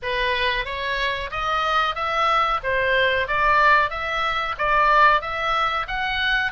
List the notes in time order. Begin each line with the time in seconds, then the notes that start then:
0.02 B4
0.65 C#5
1.30 D#5
1.95 E5
2.63 C5
3.27 D5
3.90 E5
4.57 D5
5.21 E5
5.87 F#5